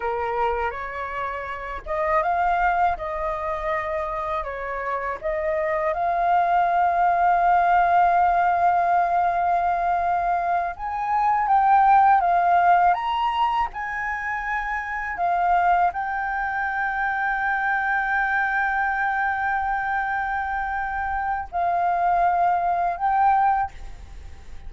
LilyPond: \new Staff \with { instrumentName = "flute" } { \time 4/4 \tempo 4 = 81 ais'4 cis''4. dis''8 f''4 | dis''2 cis''4 dis''4 | f''1~ | f''2~ f''8 gis''4 g''8~ |
g''8 f''4 ais''4 gis''4.~ | gis''8 f''4 g''2~ g''8~ | g''1~ | g''4 f''2 g''4 | }